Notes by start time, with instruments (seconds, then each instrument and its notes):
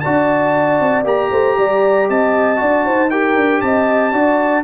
0.00 trombone F#4, horn D5, trumpet A5
0.07 tuba D4
0.80 tuba C4
1.04 tuba A#3, trombone G4, trumpet A#5
1.31 tuba A3, horn C5
1.58 tuba G3, horn D5
2.09 tuba C4, horn D#5, trumpet A5
2.56 tuba D4, trombone F#4, horn D5
2.86 tuba D#4, horn C5
3.10 trombone G4, horn A#4, trumpet G5
3.36 tuba D4
3.61 tuba C4, horn D#5, trumpet A5
4.12 tuba D4, trombone F#4, horn D5